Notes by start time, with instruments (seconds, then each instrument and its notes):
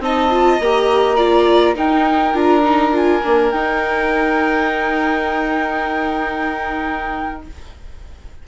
0.00 bassoon C4, viola D#4, violin D#5, flute A5
0.30 viola F4
0.59 bassoon A#3, viola G4, flute A#5
1.16 viola F4, violin D5
1.75 viola D#4, bassoon D#4, violin A#4, flute G5
2.33 bassoon D4, viola F4, flute A#5
2.64 viola D#4
2.92 viola F4, flute G#5
3.23 bassoon A#3, viola D4
3.50 bassoon D#4, viola D#4, flute G5